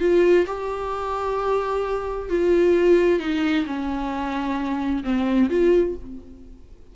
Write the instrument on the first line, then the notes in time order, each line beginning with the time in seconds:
viola
0.00 F4
0.47 G4
2.30 F4
3.20 D#4
3.66 C#4
5.04 C4
5.50 F4